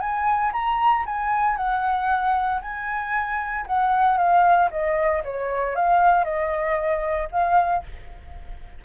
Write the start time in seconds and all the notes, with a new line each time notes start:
0.00 G#5
0.53 A#5
1.06 G#5
1.57 F#5
2.61 G#5
3.67 F#5
4.18 F5
4.71 D#5
5.24 C#5
5.76 F5
6.24 D#5
7.31 F5